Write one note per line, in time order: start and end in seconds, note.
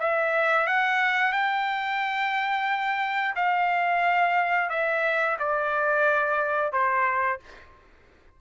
0.00 0.67 E5
0.67 1.33 F#5
1.33 3.35 G5
3.36 4.70 F5
4.70 5.37 E5
5.39 6.73 D5
6.73 7.40 C5